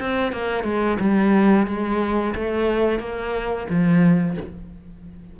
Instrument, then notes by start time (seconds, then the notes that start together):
cello
0.00 C4
0.32 A#3
0.64 G#3
1.00 G3
1.67 G#3
2.35 A3
3.00 A#3
3.70 F3